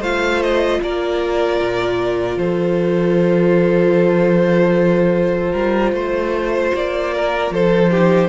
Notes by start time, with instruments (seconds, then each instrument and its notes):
0.00 cello A3, viola F4, violin C5 F5
0.43 violin D#5
0.82 cello A#3, violin A#4 D5
1.60 cello A#2
2.37 cello F3, violin A4 C5
5.53 cello G3, violin A#4
5.93 cello A3, violin C5
6.74 cello A#3, violin D5
7.14 violin A#4
7.51 cello F3, violin A4 C5
7.91 viola D#4, violin G4